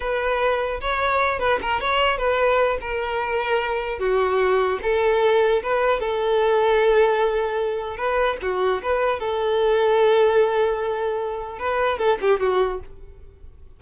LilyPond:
\new Staff \with { instrumentName = "violin" } { \time 4/4 \tempo 4 = 150 b'2 cis''4. b'8 | ais'8 cis''4 b'4. ais'4~ | ais'2 fis'2 | a'2 b'4 a'4~ |
a'1 | b'4 fis'4 b'4 a'4~ | a'1~ | a'4 b'4 a'8 g'8 fis'4 | }